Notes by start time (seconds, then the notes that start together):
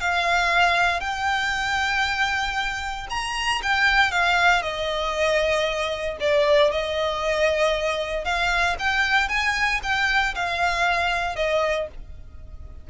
0.00 F5
1.00 G5
3.09 A#5
3.62 G5
4.11 F5
4.62 D#5
6.20 D5
6.71 D#5
8.24 F5
8.79 G5
9.28 G#5
9.83 G5
10.34 F5
11.36 D#5